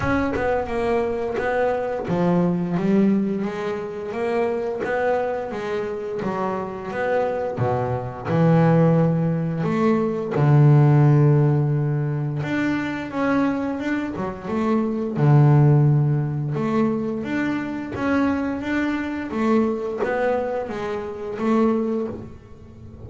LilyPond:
\new Staff \with { instrumentName = "double bass" } { \time 4/4 \tempo 4 = 87 cis'8 b8 ais4 b4 f4 | g4 gis4 ais4 b4 | gis4 fis4 b4 b,4 | e2 a4 d4~ |
d2 d'4 cis'4 | d'8 fis8 a4 d2 | a4 d'4 cis'4 d'4 | a4 b4 gis4 a4 | }